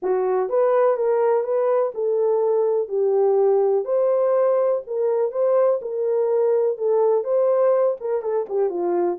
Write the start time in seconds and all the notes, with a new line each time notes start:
0.02 F#4
0.49 B4
0.97 A#4
1.43 B4
1.94 A4
2.88 G4
3.84 C5
4.86 A#4
5.31 C5
5.81 A#4
6.77 A4
7.24 C5
8.00 A#4
8.21 A4
8.49 G4
8.69 F4